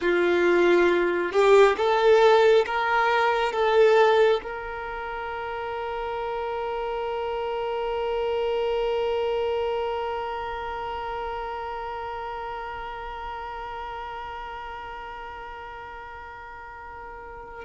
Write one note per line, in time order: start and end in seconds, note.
0.01 1.32 F4
1.32 1.76 G4
1.76 2.65 A4
2.66 3.52 A#4
3.52 4.40 A4
4.42 17.65 A#4